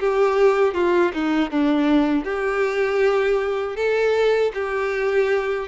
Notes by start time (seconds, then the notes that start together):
0.00 G4
0.74 F4
1.14 D#4
1.51 D4
2.24 G4
3.76 A4
4.54 G4